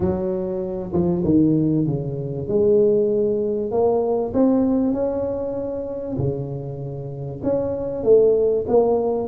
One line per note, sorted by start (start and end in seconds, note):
0.00 0.91 F#3
0.93 1.23 F3
1.24 1.86 D#3
1.86 2.47 C#3
2.47 3.71 G#3
3.71 4.32 A#3
4.33 4.93 C4
4.93 6.16 C#4
6.17 7.41 C#3
7.43 8.03 C#4
8.03 8.65 A3
8.67 9.28 A#3